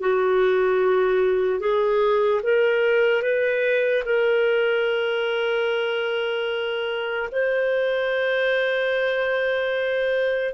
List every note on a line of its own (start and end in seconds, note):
0.00 1.60 F#4
1.60 2.41 G#4
2.43 3.22 A#4
3.22 4.03 B4
4.05 7.29 A#4
7.32 10.54 C5